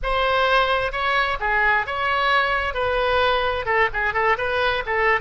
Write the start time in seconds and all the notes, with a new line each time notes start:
0.02 C5
0.92 C#5
1.40 G#4
1.86 C#5
2.74 B4
3.65 A4
3.93 G#4
4.13 A4
4.37 B4
4.85 A4